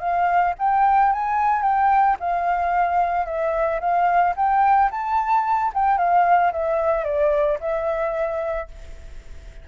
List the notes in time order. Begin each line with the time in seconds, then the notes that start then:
0.00 F5
0.59 G5
1.13 G#5
1.63 G5
2.20 F5
3.26 E5
3.80 F5
4.36 G5
4.91 A5
5.74 G5
5.98 F5
6.52 E5
7.04 D5
7.60 E5